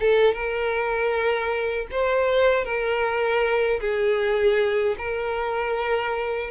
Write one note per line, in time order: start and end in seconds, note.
0.00 0.34 A4
0.34 1.87 A#4
1.91 2.64 C5
2.64 3.80 A#4
3.80 4.95 G#4
4.97 6.50 A#4